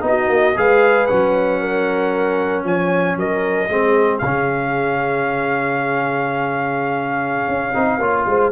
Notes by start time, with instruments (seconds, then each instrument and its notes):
0.00 tuba B3, trombone D#4
0.07 horn F#4, trumpet D#5
0.28 tuba A#3
0.56 tuba G#3, trombone G#4, horn B4, trumpet F5
1.06 tuba F#3, trombone C#4, trumpet F#5
1.60 horn A#4
2.64 tuba F3, horn C#5, trumpet G#5
3.16 tuba F#3, horn A#4, trumpet D#5
3.69 tuba G#3, trombone C4, horn G#4
4.18 tuba C#3, trumpet F5
4.24 trombone C#4
7.48 tuba C#4
7.73 tuba C4, trombone D#4
7.98 tuba A#3, trombone F4, horn C#5
8.26 tuba G#3, horn C5